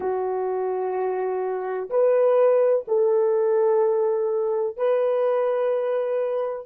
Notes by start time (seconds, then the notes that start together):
0.00 F#4
1.90 B4
2.87 A4
4.76 B4